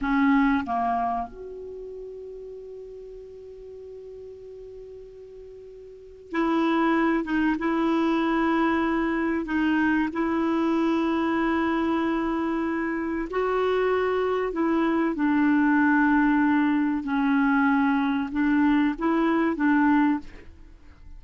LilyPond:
\new Staff \with { instrumentName = "clarinet" } { \time 4/4 \tempo 4 = 95 cis'4 ais4 fis'2~ | fis'1~ | fis'2 e'4. dis'8 | e'2. dis'4 |
e'1~ | e'4 fis'2 e'4 | d'2. cis'4~ | cis'4 d'4 e'4 d'4 | }